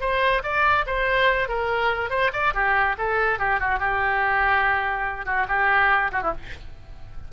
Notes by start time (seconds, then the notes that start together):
0.00 C5
0.43 D5
0.86 C5
1.48 A#4
2.10 C5
2.32 D5
2.53 G4
2.98 A4
3.39 G4
3.60 F#4
3.79 G4
5.25 F#4
5.48 G4
6.12 F#4
6.22 E4